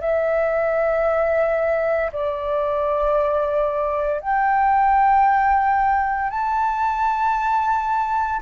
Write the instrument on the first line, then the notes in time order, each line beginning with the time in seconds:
flute
0.00 E5
2.12 D5
4.20 G5
6.30 A5